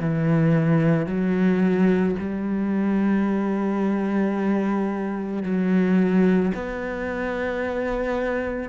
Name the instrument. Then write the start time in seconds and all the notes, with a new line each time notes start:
cello
0.00 E3
1.06 F#3
2.19 G3
5.43 F#3
6.54 B3